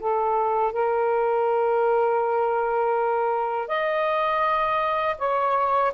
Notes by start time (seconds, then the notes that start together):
0.00 A4
0.73 A#4
3.68 D#5
5.19 C#5